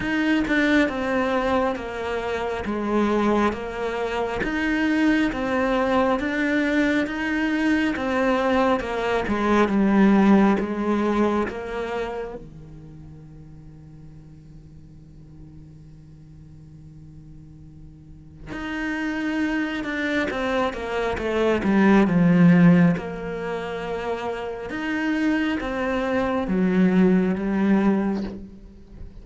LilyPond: \new Staff \with { instrumentName = "cello" } { \time 4/4 \tempo 4 = 68 dis'8 d'8 c'4 ais4 gis4 | ais4 dis'4 c'4 d'4 | dis'4 c'4 ais8 gis8 g4 | gis4 ais4 dis2~ |
dis1~ | dis4 dis'4. d'8 c'8 ais8 | a8 g8 f4 ais2 | dis'4 c'4 fis4 g4 | }